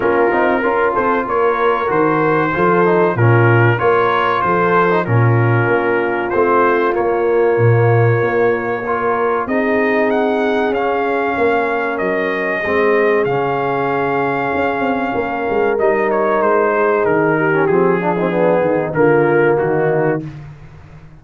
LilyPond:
<<
  \new Staff \with { instrumentName = "trumpet" } { \time 4/4 \tempo 4 = 95 ais'4. c''8 cis''4 c''4~ | c''4 ais'4 cis''4 c''4 | ais'2 c''4 cis''4~ | cis''2. dis''4 |
fis''4 f''2 dis''4~ | dis''4 f''2.~ | f''4 dis''8 cis''8 c''4 ais'4 | gis'2 ais'4 fis'4 | }
  \new Staff \with { instrumentName = "horn" } { \time 4/4 f'4 ais'8 a'8 ais'2 | a'4 f'4 ais'4 a'4 | f'1~ | f'2 ais'4 gis'4~ |
gis'2 ais'2 | gis'1 | ais'2~ ais'8 gis'4 g'8~ | g'8 f'16 dis'16 d'8 dis'8 f'4 dis'4 | }
  \new Staff \with { instrumentName = "trombone" } { \time 4/4 cis'8 dis'8 f'2 fis'4 | f'8 dis'8 cis'4 f'4.~ f'16 dis'16 | cis'2 c'4 ais4~ | ais2 f'4 dis'4~ |
dis'4 cis'2. | c'4 cis'2.~ | cis'4 dis'2~ dis'8. cis'16 | c'8 d'16 c'16 b4 ais2 | }
  \new Staff \with { instrumentName = "tuba" } { \time 4/4 ais8 c'8 cis'8 c'8 ais4 dis4 | f4 ais,4 ais4 f4 | ais,4 ais4 a4 ais4 | ais,4 ais2 c'4~ |
c'4 cis'4 ais4 fis4 | gis4 cis2 cis'8 c'8 | ais8 gis8 g4 gis4 dis4 | f4. dis8 d4 dis4 | }
>>